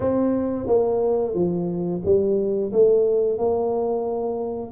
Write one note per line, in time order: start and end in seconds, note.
0.00 0.66 C4
0.66 1.34 A#3
1.34 2.01 F3
2.04 2.72 G3
2.72 3.38 A3
3.38 4.71 A#3